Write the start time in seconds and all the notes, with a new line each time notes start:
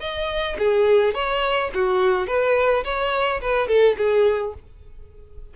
0.00 D#5
0.59 G#4
1.14 C#5
1.74 F#4
2.27 B4
2.84 C#5
3.41 B4
3.68 A4
3.97 G#4